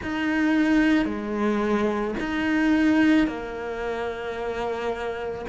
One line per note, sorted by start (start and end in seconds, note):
0.02 1.05 D#4
1.05 2.14 G#3
2.19 3.27 D#4
3.27 5.45 A#3